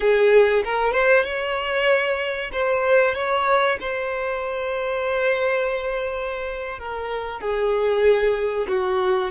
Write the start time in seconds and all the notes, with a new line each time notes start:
0.00 G#4
0.64 A#4
0.92 C5
1.23 C#5
2.52 C5
3.14 C#5
3.80 C5
6.78 A#4
7.40 G#4
8.68 F#4